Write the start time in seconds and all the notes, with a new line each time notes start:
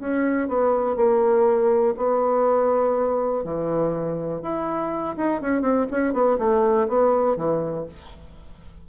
0.00 C#4
0.48 B3
0.96 A#3
1.97 B3
3.44 E3
4.42 E4
5.17 D#4
5.42 C#4
5.62 C4
5.91 C#4
6.13 B3
6.39 A3
6.88 B3
7.37 E3